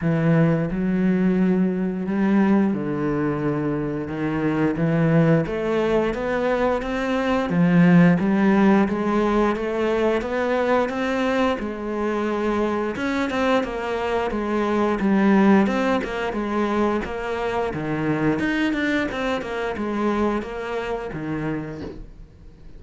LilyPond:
\new Staff \with { instrumentName = "cello" } { \time 4/4 \tempo 4 = 88 e4 fis2 g4 | d2 dis4 e4 | a4 b4 c'4 f4 | g4 gis4 a4 b4 |
c'4 gis2 cis'8 c'8 | ais4 gis4 g4 c'8 ais8 | gis4 ais4 dis4 dis'8 d'8 | c'8 ais8 gis4 ais4 dis4 | }